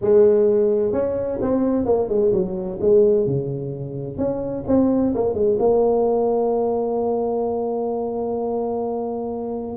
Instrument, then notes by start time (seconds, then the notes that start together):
tuba
0.01 G#3
0.92 C#4
1.41 C4
1.85 A#3
2.08 G#3
2.32 F#3
2.80 G#3
3.26 C#3
4.17 C#4
4.67 C4
5.14 A#3
5.34 G#3
5.59 A#3